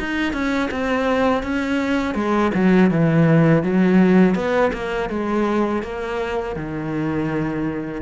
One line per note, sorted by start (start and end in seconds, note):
0.00 0.33 D#4
0.33 0.70 C#4
0.72 1.43 C4
1.43 2.15 C#4
2.15 2.52 G#3
2.55 2.91 F#3
2.91 3.63 E3
3.63 4.35 F#3
4.35 4.72 B3
4.73 5.10 A#3
5.10 5.83 G#3
5.83 6.56 A#3
6.56 8.02 D#3